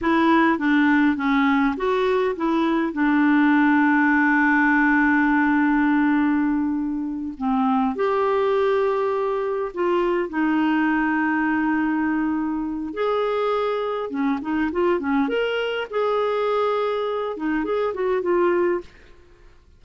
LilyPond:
\new Staff \with { instrumentName = "clarinet" } { \time 4/4 \tempo 4 = 102 e'4 d'4 cis'4 fis'4 | e'4 d'2.~ | d'1~ | d'8 c'4 g'2~ g'8~ |
g'8 f'4 dis'2~ dis'8~ | dis'2 gis'2 | cis'8 dis'8 f'8 cis'8 ais'4 gis'4~ | gis'4. dis'8 gis'8 fis'8 f'4 | }